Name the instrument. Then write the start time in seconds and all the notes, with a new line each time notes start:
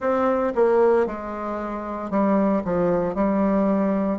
bassoon
0.00 C4
0.55 A#3
1.06 G#3
2.10 G3
2.64 F3
3.14 G3